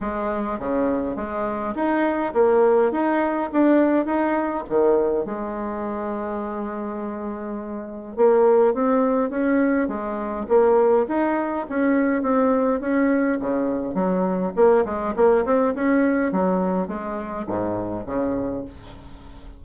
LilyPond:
\new Staff \with { instrumentName = "bassoon" } { \time 4/4 \tempo 4 = 103 gis4 cis4 gis4 dis'4 | ais4 dis'4 d'4 dis'4 | dis4 gis2.~ | gis2 ais4 c'4 |
cis'4 gis4 ais4 dis'4 | cis'4 c'4 cis'4 cis4 | fis4 ais8 gis8 ais8 c'8 cis'4 | fis4 gis4 gis,4 cis4 | }